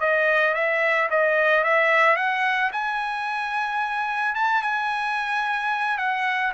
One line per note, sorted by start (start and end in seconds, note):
0.00 0.54 D#5
0.54 1.08 E5
1.10 1.63 D#5
1.63 2.16 E5
2.16 2.70 F#5
2.72 4.34 G#5
4.34 4.62 A5
4.62 5.98 G#5
5.98 6.52 F#5